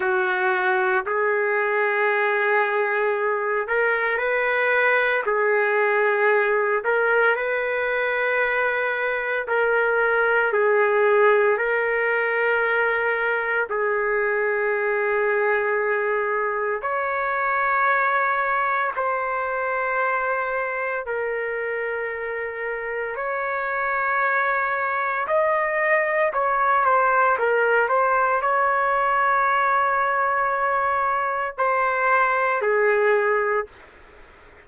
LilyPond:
\new Staff \with { instrumentName = "trumpet" } { \time 4/4 \tempo 4 = 57 fis'4 gis'2~ gis'8 ais'8 | b'4 gis'4. ais'8 b'4~ | b'4 ais'4 gis'4 ais'4~ | ais'4 gis'2. |
cis''2 c''2 | ais'2 cis''2 | dis''4 cis''8 c''8 ais'8 c''8 cis''4~ | cis''2 c''4 gis'4 | }